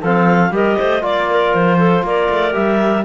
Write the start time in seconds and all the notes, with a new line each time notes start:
0.00 F3 C4 A4 F5
0.50 G3 G4 A#4 D#5
0.77 A3 C5
1.01 A#3 F4 D5
1.30 A#4
1.54 F3 C5
1.78 A4
2.03 A#3 A#4 D5
2.29 A3
2.52 G3 G4 E5